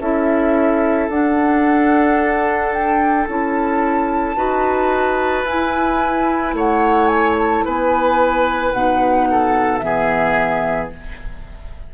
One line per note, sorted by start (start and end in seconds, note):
0.00 1.09 C#4
0.00 1.11 E4
0.00 4.37 A4
0.00 1.10 E5
1.09 3.27 D4
1.09 3.28 D4
1.09 2.73 F#5
2.73 3.28 G5
3.28 4.37 C#4
3.28 4.36 E4
3.28 5.46 A5
4.36 5.45 D#4
4.36 5.45 F#4
4.36 6.55 B4
5.45 6.54 E4
5.45 8.75 E4
5.45 6.55 G#5
6.54 7.63 A3
6.54 7.65 C#5
6.54 7.08 F#5
7.08 7.35 G#5
7.39 7.66 A5
7.65 8.73 B3
7.65 9.29 B4
7.65 8.72 G#5
8.72 9.82 B2
8.72 9.81 D#4
8.72 9.79 F#5
9.31 9.85 A4
9.79 10.91 E3
9.79 10.90 B3
9.79 10.88 E5
9.85 10.94 G#4